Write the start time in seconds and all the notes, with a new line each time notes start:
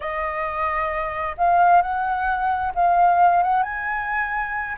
0.00 D#5
1.37 F5
1.81 F#5
2.74 F5
3.43 F#5
3.62 G#5